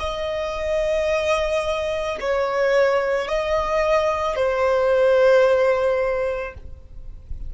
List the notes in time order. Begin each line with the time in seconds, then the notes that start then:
0.00 D#5
2.21 C#5
3.28 D#5
4.36 C5